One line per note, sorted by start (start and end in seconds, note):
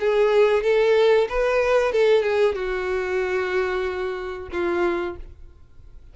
0.00 0.63 G#4
0.63 1.28 A4
1.29 1.92 B4
1.92 2.23 A4
2.23 2.55 G#4
2.55 4.49 F#4
4.52 5.16 F4